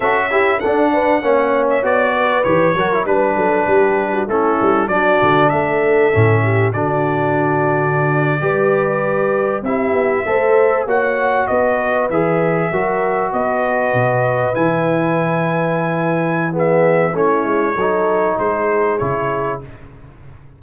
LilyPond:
<<
  \new Staff \with { instrumentName = "trumpet" } { \time 4/4 \tempo 4 = 98 e''4 fis''4.~ fis''16 e''16 d''4 | cis''4 b'2 a'4 | d''4 e''2 d''4~ | d''2.~ d''8. e''16~ |
e''4.~ e''16 fis''4 dis''4 e''16~ | e''4.~ e''16 dis''2 gis''16~ | gis''2. e''4 | cis''2 c''4 cis''4 | }
  \new Staff \with { instrumentName = "horn" } { \time 4/4 a'8 g'8 a'8 b'8 cis''4. b'8~ | b'8 ais'8 b'8 a'8 g'8. fis'16 e'4 | fis'4 a'4. g'8 fis'4~ | fis'4.~ fis'16 b'2 g'16~ |
g'8. c''4 cis''4 b'4~ b'16~ | b'8. ais'4 b'2~ b'16~ | b'2. gis'4 | e'4 a'4 gis'2 | }
  \new Staff \with { instrumentName = "trombone" } { \time 4/4 fis'8 e'8 d'4 cis'4 fis'4 | g'8 fis'16 e'16 d'2 cis'4 | d'2 cis'4 d'4~ | d'4.~ d'16 g'2 e'16~ |
e'8. a'4 fis'2 gis'16~ | gis'8. fis'2. e'16~ | e'2. b4 | cis'4 dis'2 e'4 | }
  \new Staff \with { instrumentName = "tuba" } { \time 4/4 cis'4 d'4 ais4 b4 | e8 fis8 g8 fis8 g4 a8 g8 | fis8 d8 a4 a,4 d4~ | d4.~ d16 g2 c'16~ |
c'16 b8 a4 ais4 b4 e16~ | e8. fis4 b4 b,4 e16~ | e1 | a8 gis8 fis4 gis4 cis4 | }
>>